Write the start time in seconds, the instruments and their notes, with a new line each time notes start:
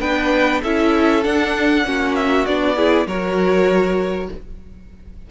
0.00 cello B3, viola D4, violin B4 G5
0.62 cello C#4, viola E4, violin A4 E5
1.23 viola D4, cello D4, violin F#5
1.84 cello A#3, viola C#4, violin F#4
2.15 violin E5
2.46 cello B3, viola D4, violin D5
2.76 viola E4, violin G#4
3.06 cello F#3, viola F#4, violin A#4 C#5